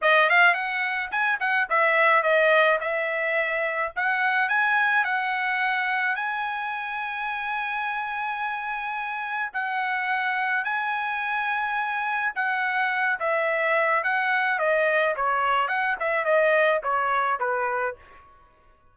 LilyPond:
\new Staff \with { instrumentName = "trumpet" } { \time 4/4 \tempo 4 = 107 dis''8 f''8 fis''4 gis''8 fis''8 e''4 | dis''4 e''2 fis''4 | gis''4 fis''2 gis''4~ | gis''1~ |
gis''4 fis''2 gis''4~ | gis''2 fis''4. e''8~ | e''4 fis''4 dis''4 cis''4 | fis''8 e''8 dis''4 cis''4 b'4 | }